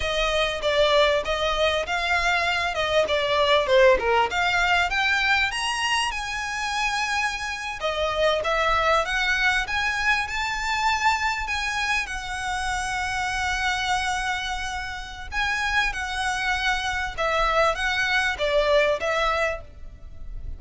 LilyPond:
\new Staff \with { instrumentName = "violin" } { \time 4/4 \tempo 4 = 98 dis''4 d''4 dis''4 f''4~ | f''8 dis''8 d''4 c''8 ais'8 f''4 | g''4 ais''4 gis''2~ | gis''8. dis''4 e''4 fis''4 gis''16~ |
gis''8. a''2 gis''4 fis''16~ | fis''1~ | fis''4 gis''4 fis''2 | e''4 fis''4 d''4 e''4 | }